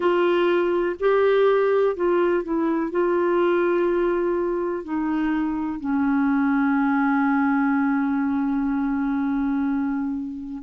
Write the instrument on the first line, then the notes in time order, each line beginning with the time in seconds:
clarinet
0.00 F4
0.99 G4
1.96 F4
2.43 E4
2.91 F4
4.84 D#4
5.79 C#4